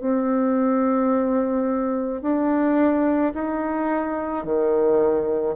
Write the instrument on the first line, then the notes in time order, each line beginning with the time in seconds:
bassoon
0.00 C4
2.21 D4
3.34 D#4
4.44 D#3